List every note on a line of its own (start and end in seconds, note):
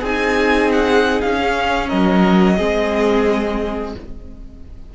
0.00 1.21 C4
0.00 1.39 D#4
0.00 1.87 G#4
0.00 0.71 G#5
0.71 1.21 F#5
1.21 1.91 C#4
1.21 1.88 F5
1.39 2.58 C#4
1.88 2.58 F#3
1.88 2.56 A#4
1.88 3.93 D#5
2.57 3.95 G#3
2.57 3.94 C4
2.57 3.93 G#4